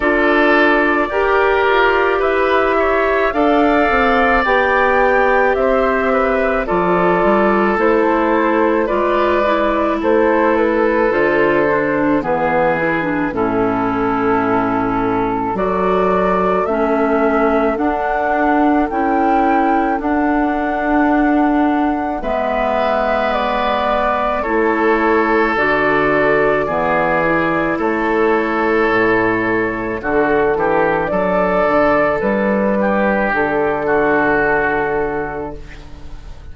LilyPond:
<<
  \new Staff \with { instrumentName = "flute" } { \time 4/4 \tempo 4 = 54 d''2 e''4 f''4 | g''4 e''4 d''4 c''4 | d''4 c''8 b'8 c''4 b'4 | a'2 d''4 e''4 |
fis''4 g''4 fis''2 | e''4 d''4 cis''4 d''4~ | d''4 cis''2 a'4 | d''4 b'4 a'2 | }
  \new Staff \with { instrumentName = "oboe" } { \time 4/4 a'4 ais'4 b'8 cis''8 d''4~ | d''4 c''8 b'8 a'2 | b'4 a'2 gis'4 | e'2 a'2~ |
a'1 | b'2 a'2 | gis'4 a'2 fis'8 g'8 | a'4. g'4 fis'4. | }
  \new Staff \with { instrumentName = "clarinet" } { \time 4/4 f'4 g'2 a'4 | g'2 f'4 e'4 | f'8 e'4. f'8 d'8 b8 e'16 d'16 | cis'2 fis'4 cis'4 |
d'4 e'4 d'2 | b2 e'4 fis'4 | b8 e'2~ e'8 d'4~ | d'1 | }
  \new Staff \with { instrumentName = "bassoon" } { \time 4/4 d'4 g'8 f'8 e'4 d'8 c'8 | b4 c'4 f8 g8 a4 | gis4 a4 d4 e4 | a,2 fis4 a4 |
d'4 cis'4 d'2 | gis2 a4 d4 | e4 a4 a,4 d8 e8 | fis8 d8 g4 d2 | }
>>